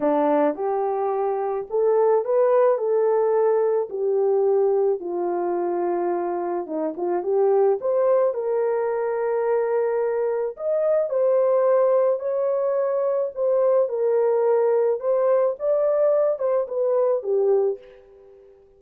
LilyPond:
\new Staff \with { instrumentName = "horn" } { \time 4/4 \tempo 4 = 108 d'4 g'2 a'4 | b'4 a'2 g'4~ | g'4 f'2. | dis'8 f'8 g'4 c''4 ais'4~ |
ais'2. dis''4 | c''2 cis''2 | c''4 ais'2 c''4 | d''4. c''8 b'4 g'4 | }